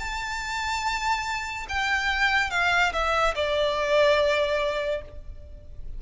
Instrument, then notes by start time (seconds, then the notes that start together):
violin
0.00 A5
1.69 G5
2.51 F5
2.93 E5
3.36 D5